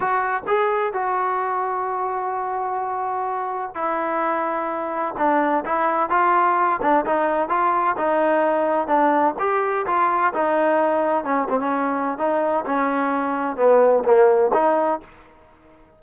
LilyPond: \new Staff \with { instrumentName = "trombone" } { \time 4/4 \tempo 4 = 128 fis'4 gis'4 fis'2~ | fis'1 | e'2. d'4 | e'4 f'4. d'8 dis'4 |
f'4 dis'2 d'4 | g'4 f'4 dis'2 | cis'8 c'16 cis'4~ cis'16 dis'4 cis'4~ | cis'4 b4 ais4 dis'4 | }